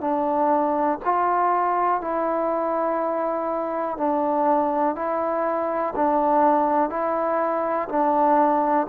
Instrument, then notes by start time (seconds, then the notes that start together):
trombone
0.00 D4
1.04 F4
2.00 E4
3.97 D4
4.95 E4
5.95 D4
6.89 E4
7.88 D4